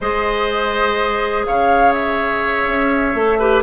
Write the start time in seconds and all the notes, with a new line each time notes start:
0.00 G#3 G#4 C5 D#5
1.46 C#3 C#5 F5
1.92 E5
2.67 C#4
3.14 A3 A4
3.39 G4 B4